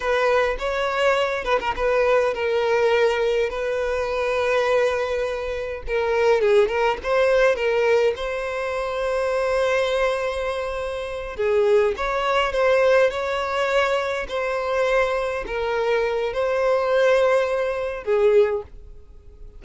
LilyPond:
\new Staff \with { instrumentName = "violin" } { \time 4/4 \tempo 4 = 103 b'4 cis''4. b'16 ais'16 b'4 | ais'2 b'2~ | b'2 ais'4 gis'8 ais'8 | c''4 ais'4 c''2~ |
c''2.~ c''8 gis'8~ | gis'8 cis''4 c''4 cis''4.~ | cis''8 c''2 ais'4. | c''2. gis'4 | }